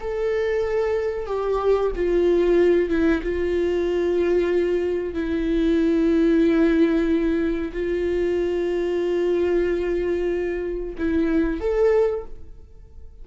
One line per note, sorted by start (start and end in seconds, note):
0.00 1.26 A4
1.26 1.91 G4
1.95 2.89 F4
2.89 3.21 E4
3.22 5.13 F4
5.13 7.72 E4
7.72 10.95 F4
10.98 11.60 E4
11.60 12.25 A4